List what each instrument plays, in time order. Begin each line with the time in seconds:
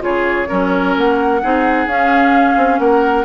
0.00 bassoon C#3, clarinet F4, oboe G#4, flute C#5
0.48 bassoon F#3, clarinet C#4, oboe A#4
0.96 bassoon A#3, flute F#5
1.42 bassoon C4, clarinet D#4, oboe G#4
1.86 bassoon C#4, clarinet C#4, flute F5
2.57 bassoon C4
2.79 bassoon A#3, oboe A#4, flute F#5